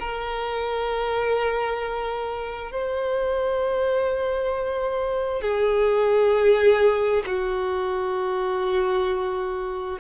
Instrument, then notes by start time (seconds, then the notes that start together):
violin
0.00 A#4
2.71 C5
5.41 G#4
7.26 F#4